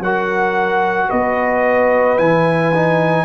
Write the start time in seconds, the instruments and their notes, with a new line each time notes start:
0.00 tuba F#3, trombone F#4, horn A#4, trumpet F#5
1.09 tuba B3, horn B4, trumpet D#5
2.19 tuba E3, trombone E4, trumpet G#5
2.74 trombone D#4